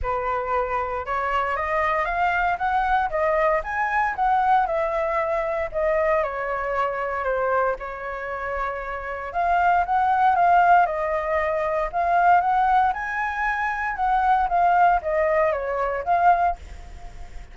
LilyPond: \new Staff \with { instrumentName = "flute" } { \time 4/4 \tempo 4 = 116 b'2 cis''4 dis''4 | f''4 fis''4 dis''4 gis''4 | fis''4 e''2 dis''4 | cis''2 c''4 cis''4~ |
cis''2 f''4 fis''4 | f''4 dis''2 f''4 | fis''4 gis''2 fis''4 | f''4 dis''4 cis''4 f''4 | }